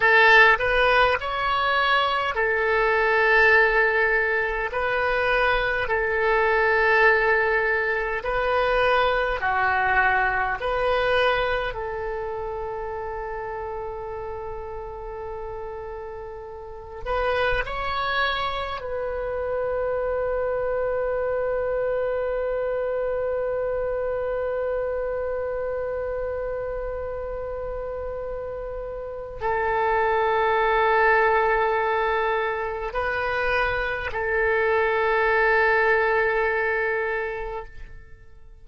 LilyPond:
\new Staff \with { instrumentName = "oboe" } { \time 4/4 \tempo 4 = 51 a'8 b'8 cis''4 a'2 | b'4 a'2 b'4 | fis'4 b'4 a'2~ | a'2~ a'8 b'8 cis''4 |
b'1~ | b'1~ | b'4 a'2. | b'4 a'2. | }